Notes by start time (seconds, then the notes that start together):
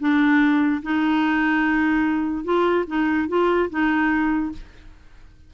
0.00 D4
0.83 D#4
2.44 F4
2.87 D#4
3.29 F4
3.70 D#4